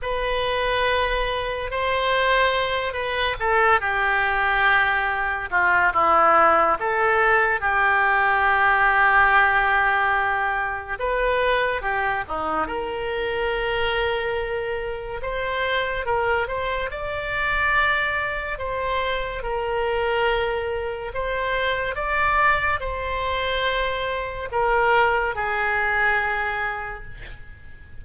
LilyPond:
\new Staff \with { instrumentName = "oboe" } { \time 4/4 \tempo 4 = 71 b'2 c''4. b'8 | a'8 g'2 f'8 e'4 | a'4 g'2.~ | g'4 b'4 g'8 dis'8 ais'4~ |
ais'2 c''4 ais'8 c''8 | d''2 c''4 ais'4~ | ais'4 c''4 d''4 c''4~ | c''4 ais'4 gis'2 | }